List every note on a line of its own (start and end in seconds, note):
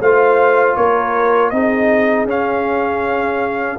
0.00 0.76 A3
0.00 1.53 F4
0.00 0.76 C5
0.00 0.76 F5
0.76 1.51 A#3
0.76 1.52 A#4
0.76 1.50 C#5
1.50 2.25 C4
1.50 2.28 D#4
1.50 3.78 G#4
1.50 2.26 D#5
2.25 3.77 C#4
2.25 3.78 C#4
2.25 3.78 F5